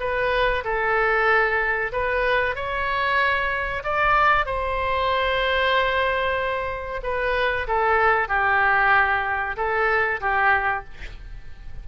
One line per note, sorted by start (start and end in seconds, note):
0.00 0.64 B4
0.64 1.92 A4
1.93 2.56 B4
2.56 3.83 C#5
3.84 4.46 D5
4.46 7.02 C5
7.03 7.67 B4
7.68 8.29 A4
8.29 9.56 G4
9.57 10.21 A4
10.21 10.85 G4